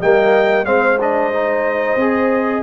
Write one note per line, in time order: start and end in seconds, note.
0.00 0.65 G3
0.00 0.65 A#3
0.00 0.66 D#5
0.00 0.65 G5
0.65 1.96 G#3
0.65 0.98 C4
0.65 2.63 C5
0.65 0.98 F5
1.00 1.33 D4
1.00 2.63 D#5
1.33 1.99 D#4
1.96 2.62 C4
1.96 2.63 G#4